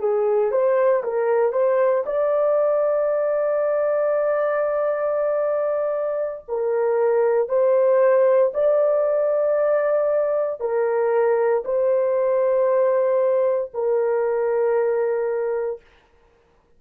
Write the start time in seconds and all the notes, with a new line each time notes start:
0.00 G#4
0.52 C5
1.04 A#4
1.53 C5
2.06 D5
6.48 A#4
7.49 C5
8.54 D5
10.60 A#4
11.65 C5
13.74 A#4